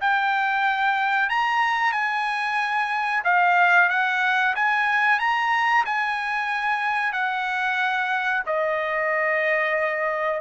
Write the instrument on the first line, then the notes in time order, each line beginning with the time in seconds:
trumpet
0.00 G5
1.29 A#5
1.92 G#5
3.24 F5
3.89 F#5
4.55 G#5
5.19 A#5
5.85 G#5
7.12 F#5
8.46 D#5